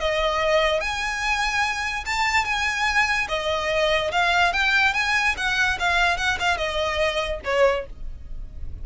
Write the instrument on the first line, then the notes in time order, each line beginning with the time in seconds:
violin
0.00 D#5
0.80 G#5
2.06 A5
2.45 G#5
3.28 D#5
4.12 F5
4.53 G5
4.94 G#5
5.37 F#5
5.79 F5
6.17 F#5
6.39 F5
6.57 D#5
7.44 C#5